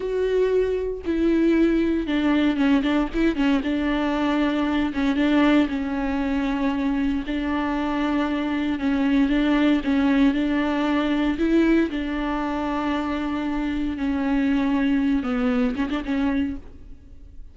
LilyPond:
\new Staff \with { instrumentName = "viola" } { \time 4/4 \tempo 4 = 116 fis'2 e'2 | d'4 cis'8 d'8 e'8 cis'8 d'4~ | d'4. cis'8 d'4 cis'4~ | cis'2 d'2~ |
d'4 cis'4 d'4 cis'4 | d'2 e'4 d'4~ | d'2. cis'4~ | cis'4. b4 cis'16 d'16 cis'4 | }